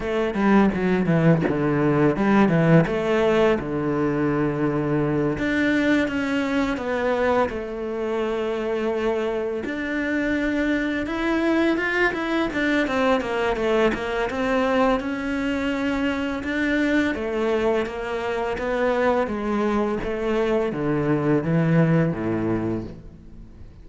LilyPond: \new Staff \with { instrumentName = "cello" } { \time 4/4 \tempo 4 = 84 a8 g8 fis8 e8 d4 g8 e8 | a4 d2~ d8 d'8~ | d'8 cis'4 b4 a4.~ | a4. d'2 e'8~ |
e'8 f'8 e'8 d'8 c'8 ais8 a8 ais8 | c'4 cis'2 d'4 | a4 ais4 b4 gis4 | a4 d4 e4 a,4 | }